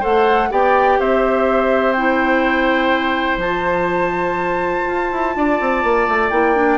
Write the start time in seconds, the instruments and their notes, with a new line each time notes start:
0.00 bassoon A3, clarinet A4, oboe C5, flute F#5
0.50 bassoon B3, clarinet G4, oboe D5, flute G5
0.99 bassoon C4, oboe C5, flute E5
1.92 clarinet E4, flute G5
3.36 bassoon F3, clarinet F4, flute A5
4.87 bassoon F4
5.11 bassoon E4
5.35 bassoon D4, oboe D5
5.60 bassoon C4
5.83 bassoon A#3
6.08 bassoon A3
6.29 bassoon A#3, clarinet E4, flute G5
6.55 clarinet D4